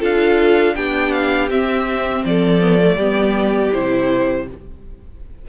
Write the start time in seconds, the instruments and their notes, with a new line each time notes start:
0.00 cello D4, viola F4, violin A4 F5
0.75 cello B3, viola D4, violin G4 G5
1.12 violin F5
1.50 cello C4, viola C4, violin E5
2.25 cello F3, violin A4 D5
2.61 viola B3
2.80 viola A3
2.96 cello G3, viola B3, violin G4
3.73 cello C3, viola E4, violin C5